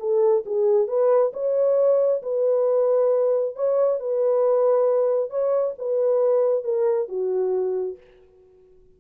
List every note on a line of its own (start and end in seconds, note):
0.00 0.44 A4
0.46 0.88 G#4
0.88 1.32 B4
1.34 2.22 C#5
2.23 3.56 B4
3.56 4.00 C#5
4.00 5.30 B4
5.30 5.75 C#5
5.79 6.64 B4
6.64 7.09 A#4
7.09 7.98 F#4